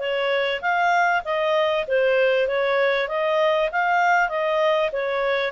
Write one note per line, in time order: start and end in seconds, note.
0.00 0.61 C#5
0.62 1.23 F5
1.25 1.86 D#5
1.88 2.48 C5
2.48 3.09 C#5
3.09 3.70 D#5
3.72 4.29 F5
4.29 4.91 D#5
4.93 5.52 C#5